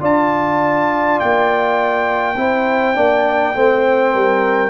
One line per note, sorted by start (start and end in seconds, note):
0.00 1.19 D4
0.00 2.35 F4
0.00 2.36 D5
0.00 1.20 A5
1.20 2.37 A#3
1.20 4.71 G5
2.37 2.96 C4
2.37 2.95 E4
2.37 2.97 C5
2.95 3.55 A#3
2.95 3.54 D4
2.95 3.56 D5
3.54 4.14 A3
3.54 4.71 C4
3.54 4.13 C5
4.13 4.71 G3
4.13 4.71 A#4